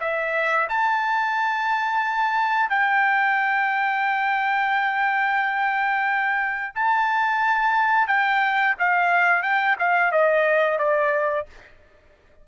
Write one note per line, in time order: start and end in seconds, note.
0.00 0.67 E5
0.69 2.69 A5
2.69 6.74 G5
6.74 8.07 A5
8.07 8.75 G5
8.79 9.42 F5
9.42 9.76 G5
9.79 10.12 F5
10.12 10.78 D#5
10.78 11.46 D5